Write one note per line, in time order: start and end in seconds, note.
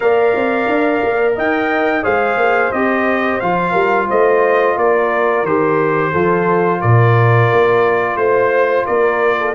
0.00 0.35 A#3
0.00 2.03 A#4
0.00 1.36 D5
0.00 1.34 F5
0.35 0.68 C4
0.68 1.02 D4
1.03 1.37 A#3
1.36 2.05 D#4
1.36 2.03 D#5
1.36 2.04 G5
2.03 2.36 G#3
2.03 2.71 G#4
2.03 3.71 C5
2.03 2.72 F5
2.36 2.70 A#3
2.72 3.41 C4
2.72 3.42 G4
2.72 3.39 D#5
3.39 3.73 F3
3.39 5.46 F4
3.39 4.08 F5
3.71 4.07 G3
3.71 4.05 A#4
4.08 4.76 A3
4.08 4.77 C5
4.08 4.77 D#5
4.76 5.43 A#3
4.76 6.11 A#4
4.76 5.45 D5
5.43 6.11 D#3
5.43 6.14 G4
5.43 6.81 C5
6.11 6.82 F3
6.11 9.54 F4
6.11 6.79 A4
6.81 7.51 A#2
6.81 8.17 A#4
6.81 8.16 D5
7.51 8.15 A#3
8.15 8.84 A3
8.15 8.85 C5
8.15 8.86 C5
8.86 9.54 A#3
8.86 9.37 A#4
8.86 9.54 D5
9.39 9.54 A4